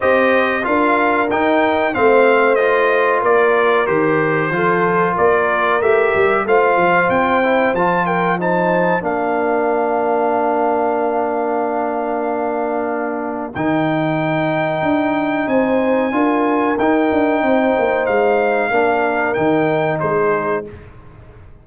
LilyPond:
<<
  \new Staff \with { instrumentName = "trumpet" } { \time 4/4 \tempo 4 = 93 dis''4 f''4 g''4 f''4 | dis''4 d''4 c''2 | d''4 e''4 f''4 g''4 | a''8 g''8 a''4 f''2~ |
f''1~ | f''4 g''2. | gis''2 g''2 | f''2 g''4 c''4 | }
  \new Staff \with { instrumentName = "horn" } { \time 4/4 c''4 ais'2 c''4~ | c''4 ais'2 a'4 | ais'2 c''2~ | c''8 ais'8 c''4 ais'2~ |
ais'1~ | ais'1 | c''4 ais'2 c''4~ | c''4 ais'2 gis'4 | }
  \new Staff \with { instrumentName = "trombone" } { \time 4/4 g'4 f'4 dis'4 c'4 | f'2 g'4 f'4~ | f'4 g'4 f'4. e'8 | f'4 dis'4 d'2~ |
d'1~ | d'4 dis'2.~ | dis'4 f'4 dis'2~ | dis'4 d'4 dis'2 | }
  \new Staff \with { instrumentName = "tuba" } { \time 4/4 c'4 d'4 dis'4 a4~ | a4 ais4 dis4 f4 | ais4 a8 g8 a8 f8 c'4 | f2 ais2~ |
ais1~ | ais4 dis2 d'4 | c'4 d'4 dis'8 d'8 c'8 ais8 | gis4 ais4 dis4 gis4 | }
>>